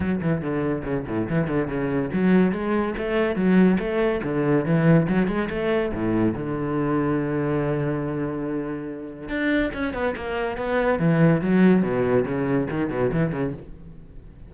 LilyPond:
\new Staff \with { instrumentName = "cello" } { \time 4/4 \tempo 4 = 142 fis8 e8 d4 cis8 a,8 e8 d8 | cis4 fis4 gis4 a4 | fis4 a4 d4 e4 | fis8 gis8 a4 a,4 d4~ |
d1~ | d2 d'4 cis'8 b8 | ais4 b4 e4 fis4 | b,4 cis4 dis8 b,8 e8 cis8 | }